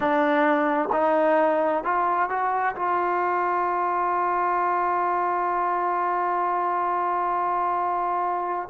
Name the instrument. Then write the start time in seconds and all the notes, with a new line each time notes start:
trombone
0.00 D4
0.92 D#4
1.84 F4
2.29 F#4
2.75 F4